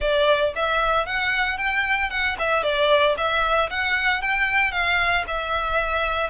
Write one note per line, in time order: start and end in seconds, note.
0.00 0.53 D5
0.55 1.06 E5
1.06 1.57 F#5
1.57 2.10 G5
2.10 2.36 F#5
2.39 2.63 E5
2.63 3.15 D5
3.17 3.69 E5
3.69 4.21 F#5
4.21 4.71 G5
4.71 5.24 F5
5.27 6.30 E5